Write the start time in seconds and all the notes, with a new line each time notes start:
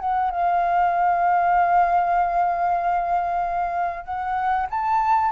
0.00 F#5
0.31 F5
4.05 F#5
4.70 A5